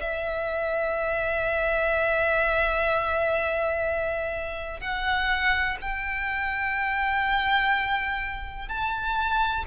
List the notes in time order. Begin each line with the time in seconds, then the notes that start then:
0.00 E5
4.80 F#5
5.81 G5
8.68 A5